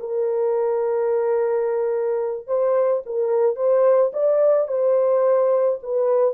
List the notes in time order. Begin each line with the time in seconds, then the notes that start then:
0.00 A#4
2.47 C5
3.06 A#4
3.56 C5
4.13 D5
4.68 C5
5.83 B4